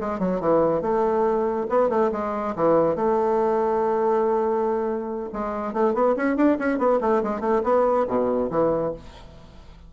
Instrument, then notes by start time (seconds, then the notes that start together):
bassoon
0.00 G#3
0.19 F#3
0.40 E3
0.81 A3
1.69 B3
1.89 A3
2.12 G#3
2.55 E3
2.95 A3
5.32 G#3
5.73 A3
5.94 B3
6.16 C#4
6.36 D4
6.59 C#4
6.78 B3
7.01 A3
7.23 G#3
7.40 A3
7.63 B3
8.07 B2
8.50 E3